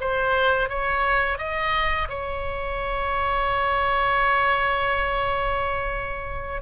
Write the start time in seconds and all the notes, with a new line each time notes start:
0.00 C5
0.69 C#5
1.38 D#5
2.09 C#5